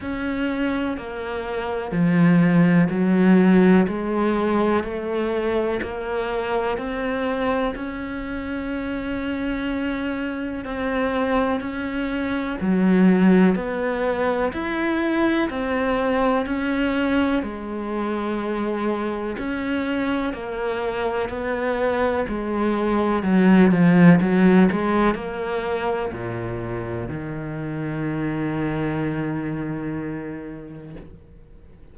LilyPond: \new Staff \with { instrumentName = "cello" } { \time 4/4 \tempo 4 = 62 cis'4 ais4 f4 fis4 | gis4 a4 ais4 c'4 | cis'2. c'4 | cis'4 fis4 b4 e'4 |
c'4 cis'4 gis2 | cis'4 ais4 b4 gis4 | fis8 f8 fis8 gis8 ais4 ais,4 | dis1 | }